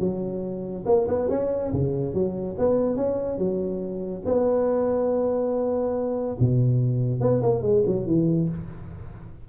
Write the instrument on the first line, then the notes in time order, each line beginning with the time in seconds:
tuba
0.00 F#3
0.86 A#3
1.08 B3
1.30 C#4
1.73 C#3
2.14 F#3
2.59 B3
2.97 C#4
3.39 F#3
4.26 B3
6.40 B2
7.21 B3
7.43 A#3
7.62 G#3
7.86 F#3
8.07 E3